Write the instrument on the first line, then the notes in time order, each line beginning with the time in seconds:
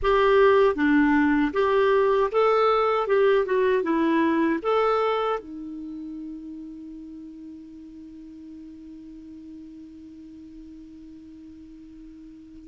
clarinet
0.02 G4
0.75 D4
1.53 G4
2.31 A4
3.07 G4
3.45 F#4
3.82 E4
4.62 A4
5.39 D#4